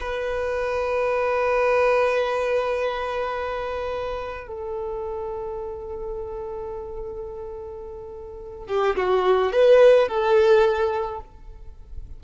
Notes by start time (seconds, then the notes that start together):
0.00 B4
4.47 A4
8.67 G4
8.96 F#4
9.52 B4
10.08 A4